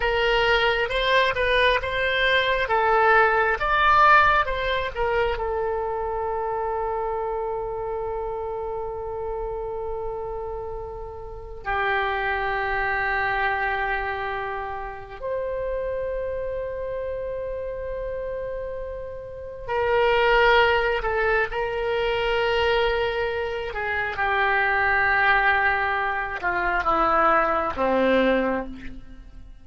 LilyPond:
\new Staff \with { instrumentName = "oboe" } { \time 4/4 \tempo 4 = 67 ais'4 c''8 b'8 c''4 a'4 | d''4 c''8 ais'8 a'2~ | a'1~ | a'4 g'2.~ |
g'4 c''2.~ | c''2 ais'4. a'8 | ais'2~ ais'8 gis'8 g'4~ | g'4. f'8 e'4 c'4 | }